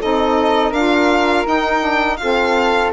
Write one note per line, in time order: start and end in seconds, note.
0.00 0.71 C4
0.00 0.74 D#4
0.00 0.69 A4
0.00 0.73 D#5
0.69 1.44 D4
0.69 1.45 F4
0.69 2.16 A#4
0.69 1.46 F5
1.45 1.80 D#4
1.45 2.20 D#4
1.45 2.16 G5
1.80 2.16 D4
2.16 2.92 C4
2.16 2.92 F4
2.16 2.92 A4
2.16 2.90 F5